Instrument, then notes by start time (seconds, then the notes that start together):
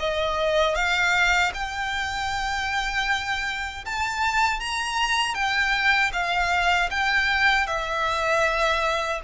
violin
0.00 D#5
0.76 F5
1.54 G5
3.86 A5
4.60 A#5
5.35 G5
6.13 F5
6.91 G5
7.67 E5